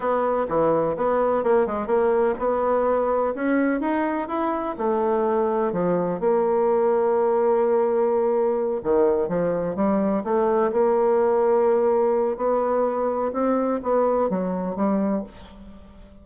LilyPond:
\new Staff \with { instrumentName = "bassoon" } { \time 4/4 \tempo 4 = 126 b4 e4 b4 ais8 gis8 | ais4 b2 cis'4 | dis'4 e'4 a2 | f4 ais2.~ |
ais2~ ais8 dis4 f8~ | f8 g4 a4 ais4.~ | ais2 b2 | c'4 b4 fis4 g4 | }